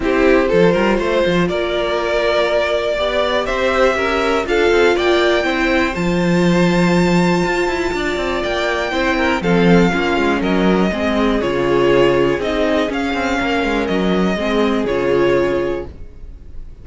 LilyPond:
<<
  \new Staff \with { instrumentName = "violin" } { \time 4/4 \tempo 4 = 121 c''2. d''4~ | d''2. e''4~ | e''4 f''4 g''2 | a''1~ |
a''4 g''2 f''4~ | f''4 dis''2 cis''4~ | cis''4 dis''4 f''2 | dis''2 cis''2 | }
  \new Staff \with { instrumentName = "violin" } { \time 4/4 g'4 a'8 ais'8 c''4 ais'4~ | ais'2 d''4 c''4 | ais'4 a'4 d''4 c''4~ | c''1 |
d''2 c''8 ais'8 a'4 | f'4 ais'4 gis'2~ | gis'2. ais'4~ | ais'4 gis'2. | }
  \new Staff \with { instrumentName = "viola" } { \time 4/4 e'4 f'2.~ | f'2 g'2~ | g'4 f'2 e'4 | f'1~ |
f'2 e'4 c'4 | cis'2 c'4 f'4~ | f'4 dis'4 cis'2~ | cis'4 c'4 f'2 | }
  \new Staff \with { instrumentName = "cello" } { \time 4/4 c'4 f8 g8 a8 f8 ais4~ | ais2 b4 c'4 | cis'4 d'8 c'8 ais4 c'4 | f2. f'8 e'8 |
d'8 c'8 ais4 c'4 f4 | ais8 gis8 fis4 gis4 cis4~ | cis4 c'4 cis'8 c'8 ais8 gis8 | fis4 gis4 cis2 | }
>>